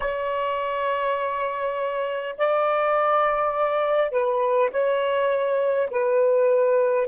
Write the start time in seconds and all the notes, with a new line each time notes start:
0.00 C#5
2.37 D5
4.11 B4
4.71 C#5
5.90 B4